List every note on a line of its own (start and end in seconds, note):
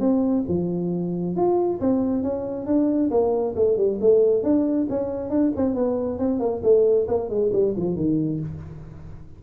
0.00 0.44 C4
0.48 1.36 F3
1.36 1.80 F4
1.80 2.23 C4
2.23 2.66 C#4
2.66 3.10 D4
3.11 3.55 A#3
3.56 3.77 A3
3.77 3.99 G3
4.01 4.43 A3
4.43 4.87 D4
4.90 5.30 C#4
5.30 5.52 D4
5.56 5.75 C4
5.75 6.19 B3
6.19 6.40 C4
6.40 6.62 A#3
6.63 7.07 A3
7.08 7.30 A#3
7.30 7.52 G#3
7.53 7.75 G3
7.77 7.96 F3
7.96 8.40 D#3